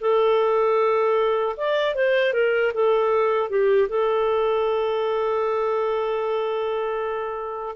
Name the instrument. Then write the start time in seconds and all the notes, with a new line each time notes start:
clarinet
0.00 A4
1.57 D5
1.94 C5
2.33 A#4
2.74 A4
3.50 G4
3.89 A4